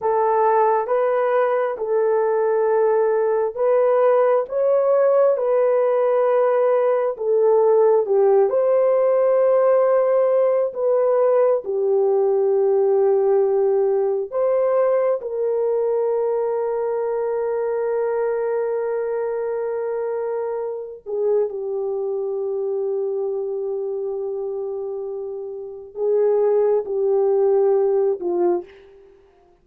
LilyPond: \new Staff \with { instrumentName = "horn" } { \time 4/4 \tempo 4 = 67 a'4 b'4 a'2 | b'4 cis''4 b'2 | a'4 g'8 c''2~ c''8 | b'4 g'2. |
c''4 ais'2.~ | ais'2.~ ais'8 gis'8 | g'1~ | g'4 gis'4 g'4. f'8 | }